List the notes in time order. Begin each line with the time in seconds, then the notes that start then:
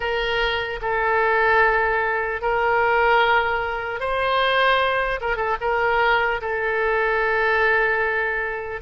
0.00 A#4
0.81 A4
2.41 A#4
4.00 C5
5.20 A#4
5.36 A4
5.60 A#4
6.41 A4